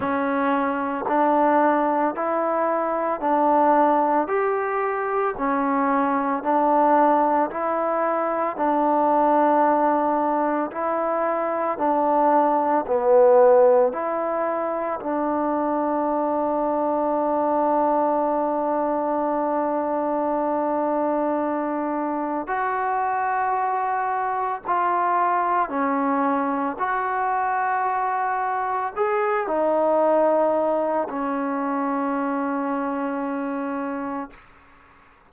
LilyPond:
\new Staff \with { instrumentName = "trombone" } { \time 4/4 \tempo 4 = 56 cis'4 d'4 e'4 d'4 | g'4 cis'4 d'4 e'4 | d'2 e'4 d'4 | b4 e'4 d'2~ |
d'1~ | d'4 fis'2 f'4 | cis'4 fis'2 gis'8 dis'8~ | dis'4 cis'2. | }